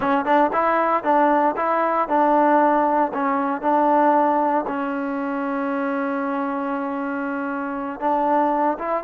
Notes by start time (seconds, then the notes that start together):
0.00 C#4
0.25 D4
0.52 E4
1.03 D4
1.56 E4
2.08 D4
3.13 C#4
3.61 D4
4.67 C#4
8.00 D4
8.78 E4